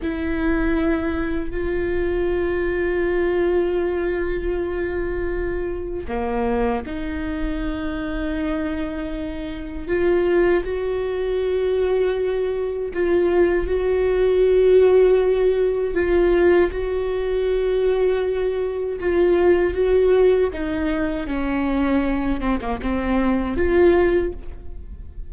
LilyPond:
\new Staff \with { instrumentName = "viola" } { \time 4/4 \tempo 4 = 79 e'2 f'2~ | f'1 | ais4 dis'2.~ | dis'4 f'4 fis'2~ |
fis'4 f'4 fis'2~ | fis'4 f'4 fis'2~ | fis'4 f'4 fis'4 dis'4 | cis'4. c'16 ais16 c'4 f'4 | }